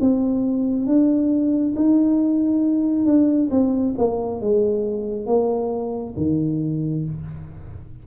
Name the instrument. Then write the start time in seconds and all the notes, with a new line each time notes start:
tuba
0.00 C4
0.86 D4
1.76 D#4
3.05 D4
3.50 C4
3.97 A#3
4.40 G#3
5.26 A#3
6.16 D#3